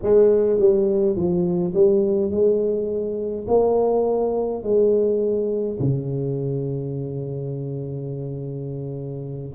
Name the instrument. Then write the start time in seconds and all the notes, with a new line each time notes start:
tuba
0.02 G#3
0.59 G3
1.15 F3
1.74 G3
2.30 G#3
3.47 A#3
4.63 G#3
5.79 C#3